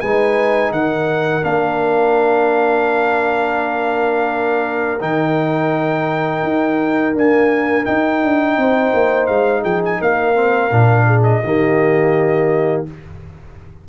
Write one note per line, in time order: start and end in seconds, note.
0.00 0.71 G#3
0.00 1.42 D#4
0.00 0.73 B4
0.00 0.71 G#5
0.71 1.42 D#3
0.71 8.59 A#4
0.71 1.44 F#5
1.42 5.01 A#3
1.42 4.99 D4
1.42 5.01 F5
5.00 6.43 D#3
5.00 7.14 D#4
5.00 7.16 G5
6.43 7.14 D#4
7.14 7.84 A#3
7.14 7.86 D4
7.14 7.85 G#5
7.84 10.34 D#4
7.84 8.23 D#4
7.84 9.26 G5
8.23 8.57 D4
8.57 8.93 C4
8.57 9.63 C5
8.93 9.29 A#3
9.26 9.64 G#3
9.26 9.62 F5
9.63 10.00 F3
9.63 9.98 G#4
9.63 9.82 G5
9.85 10.02 G#5
10.00 10.71 A#3
10.00 11.06 A#4
10.00 11.23 F5
10.34 10.70 C4
10.71 11.42 A#2
10.71 11.43 D4
11.06 11.42 G#4
11.23 12.83 D#5
11.43 12.86 D#3
11.43 12.87 A#3
11.43 12.88 G4